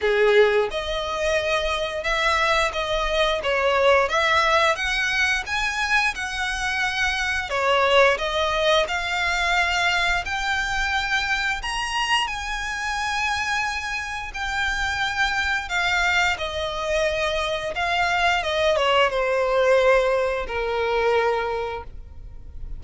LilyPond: \new Staff \with { instrumentName = "violin" } { \time 4/4 \tempo 4 = 88 gis'4 dis''2 e''4 | dis''4 cis''4 e''4 fis''4 | gis''4 fis''2 cis''4 | dis''4 f''2 g''4~ |
g''4 ais''4 gis''2~ | gis''4 g''2 f''4 | dis''2 f''4 dis''8 cis''8 | c''2 ais'2 | }